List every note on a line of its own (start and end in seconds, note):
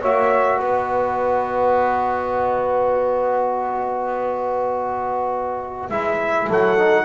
0.00 0.59 A#3
0.00 5.91 F#4
0.00 0.58 C#5
0.00 0.61 E5
0.58 5.89 B3
0.58 6.46 B4
0.58 5.89 D#5
5.89 6.48 G#3
5.89 6.77 E4
5.89 6.48 E5
6.48 7.04 F#3
6.48 7.04 A4
6.48 7.04 F#5
6.77 7.04 D#4